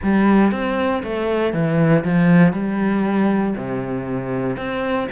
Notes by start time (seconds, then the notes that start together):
0.03 G3
0.51 C4
1.03 A3
1.53 E3
2.04 F3
2.52 G3
3.55 C3
4.56 C4